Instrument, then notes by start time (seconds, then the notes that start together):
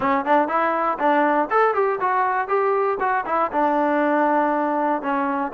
trombone
0.00 C#4
0.25 D4
0.48 E4
0.98 D4
1.50 A4
1.74 G4
2.00 F#4
2.48 G4
3.00 F#4
3.26 E4
3.52 D4
5.02 C#4